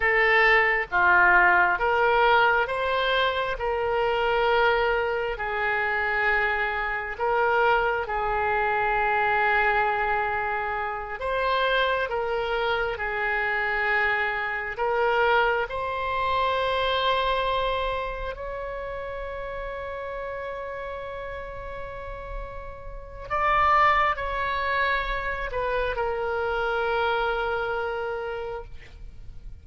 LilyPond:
\new Staff \with { instrumentName = "oboe" } { \time 4/4 \tempo 4 = 67 a'4 f'4 ais'4 c''4 | ais'2 gis'2 | ais'4 gis'2.~ | gis'8 c''4 ais'4 gis'4.~ |
gis'8 ais'4 c''2~ c''8~ | c''8 cis''2.~ cis''8~ | cis''2 d''4 cis''4~ | cis''8 b'8 ais'2. | }